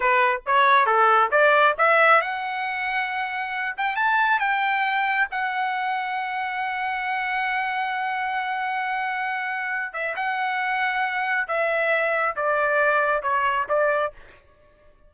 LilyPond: \new Staff \with { instrumentName = "trumpet" } { \time 4/4 \tempo 4 = 136 b'4 cis''4 a'4 d''4 | e''4 fis''2.~ | fis''8 g''8 a''4 g''2 | fis''1~ |
fis''1~ | fis''2~ fis''8 e''8 fis''4~ | fis''2 e''2 | d''2 cis''4 d''4 | }